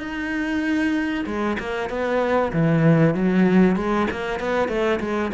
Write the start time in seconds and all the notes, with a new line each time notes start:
0.00 D#4
1.26 G#3
1.59 A#3
1.90 B3
2.53 E3
3.14 F#3
3.76 G#3
4.11 A#3
4.40 B3
4.69 A3
5.00 G#3